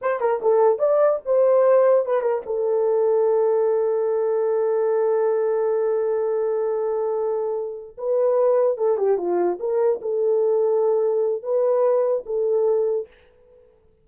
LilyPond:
\new Staff \with { instrumentName = "horn" } { \time 4/4 \tempo 4 = 147 c''8 ais'8 a'4 d''4 c''4~ | c''4 b'8 ais'8 a'2~ | a'1~ | a'1~ |
a'2.~ a'8 b'8~ | b'4. a'8 g'8 f'4 ais'8~ | ais'8 a'2.~ a'8 | b'2 a'2 | }